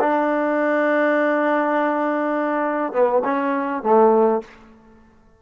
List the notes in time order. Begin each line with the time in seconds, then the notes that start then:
0.00 D4
2.93 B3
3.24 C#4
3.83 A3